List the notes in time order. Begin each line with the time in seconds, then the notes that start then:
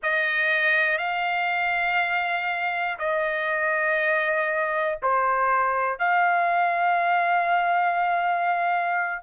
0.03 D#5
0.97 F5
2.98 D#5
5.02 C5
5.98 F5